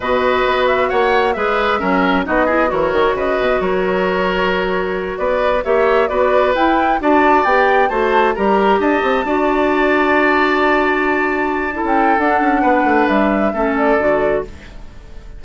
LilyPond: <<
  \new Staff \with { instrumentName = "flute" } { \time 4/4 \tempo 4 = 133 dis''4. e''8 fis''4 e''4~ | e''4 dis''4 cis''4 dis''4 | cis''2.~ cis''8 d''8~ | d''8 e''4 d''4 g''4 a''8~ |
a''8 g''4 a''4 ais''4 a''8~ | a''1~ | a''2~ a''16 g''8. fis''4~ | fis''4 e''4. d''4. | }
  \new Staff \with { instrumentName = "oboe" } { \time 4/4 b'2 cis''4 b'4 | ais'4 fis'8 gis'8 ais'4 b'4 | ais'2.~ ais'8 b'8~ | b'8 cis''4 b'2 d''8~ |
d''4. c''4 ais'4 dis''8~ | dis''8 d''2.~ d''8~ | d''2 a'2 | b'2 a'2 | }
  \new Staff \with { instrumentName = "clarinet" } { \time 4/4 fis'2. gis'4 | cis'4 dis'8 e'8 fis'2~ | fis'1~ | fis'8 g'4 fis'4 e'4 fis'8~ |
fis'8 g'4 fis'4 g'4.~ | g'8 fis'2.~ fis'8~ | fis'2 e'4 d'4~ | d'2 cis'4 fis'4 | }
  \new Staff \with { instrumentName = "bassoon" } { \time 4/4 b,4 b4 ais4 gis4 | fis4 b4 e8 dis8 cis8 b,8 | fis2.~ fis8 b8~ | b8 ais4 b4 e'4 d'8~ |
d'8 b4 a4 g4 d'8 | c'8 d'2.~ d'8~ | d'2~ d'16 cis'8. d'8 cis'8 | b8 a8 g4 a4 d4 | }
>>